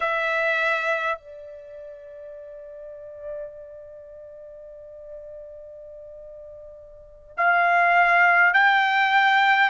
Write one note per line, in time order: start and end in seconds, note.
0.00 1.18 E5
1.18 7.35 D5
7.37 8.53 F5
8.53 9.70 G5